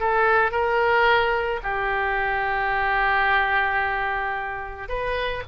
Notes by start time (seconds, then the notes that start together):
0.00 A4
0.52 A#4
1.63 G4
4.89 B4